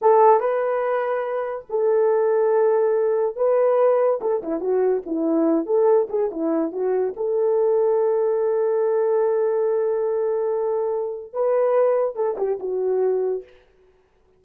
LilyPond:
\new Staff \with { instrumentName = "horn" } { \time 4/4 \tempo 4 = 143 a'4 b'2. | a'1 | b'2 a'8 e'8 fis'4 | e'4. a'4 gis'8 e'4 |
fis'4 a'2.~ | a'1~ | a'2. b'4~ | b'4 a'8 g'8 fis'2 | }